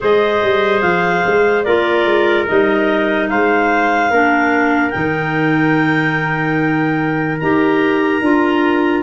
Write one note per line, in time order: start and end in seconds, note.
0.00 0.43 G#3
0.00 1.64 G#4
0.00 1.65 C5
0.00 0.81 D#5
0.43 0.82 G3
0.81 1.23 F3
0.81 1.63 F5
1.26 1.65 G#3
1.63 2.05 A#3
1.63 2.47 F4
1.63 3.29 A#4
1.63 2.45 D5
2.05 2.46 G#3
2.47 3.32 G3
2.47 4.11 D#4
2.47 3.28 D#5
3.28 4.10 G#3
3.28 4.10 C5
3.28 4.90 F5
4.10 4.92 A#3
4.10 4.92 D4
4.10 9.02 A#4
4.90 7.41 D#3
4.90 7.39 D#4
4.90 7.37 G5
7.39 8.21 D#4
7.39 8.22 G4
7.39 9.02 A#5
8.21 9.02 D4
8.21 9.02 F4